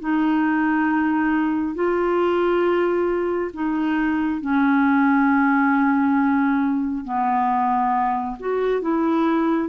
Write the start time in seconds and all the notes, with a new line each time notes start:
0.00 D#4
1.74 F4
3.53 D#4
4.41 C#4
7.04 B3
8.39 F#4
8.81 E4